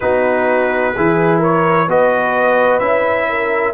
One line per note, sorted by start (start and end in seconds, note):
0.00 0.95 B3
0.00 0.95 D#4
0.00 0.94 F#4
0.00 1.41 B4
0.94 1.87 E3
0.94 1.88 E4
0.94 1.39 G#4
1.39 1.86 A#4
1.39 1.89 C#5
1.87 2.80 B3
1.87 2.80 F#4
1.87 3.29 B4
1.87 2.79 D#5
2.79 3.74 C#4
2.79 3.74 E4
2.79 3.72 E5
3.29 3.74 A#4